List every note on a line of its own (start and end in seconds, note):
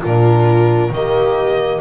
0.00 0.89 A#2
0.00 0.91 D4
0.00 0.91 F4
0.00 0.93 A#4
0.89 1.80 D#3
0.89 1.80 A#3
0.89 1.80 G4
0.89 1.80 D#5